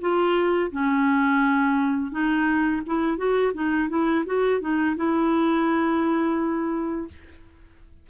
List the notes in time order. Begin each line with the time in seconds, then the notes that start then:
0.00 F4
0.71 C#4
2.11 D#4
2.86 E4
3.17 F#4
3.53 D#4
3.89 E4
4.25 F#4
4.60 D#4
4.96 E4